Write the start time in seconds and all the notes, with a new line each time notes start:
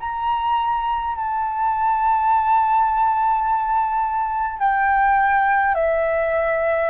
0.00 A#5
1.15 A5
4.59 G5
5.75 E5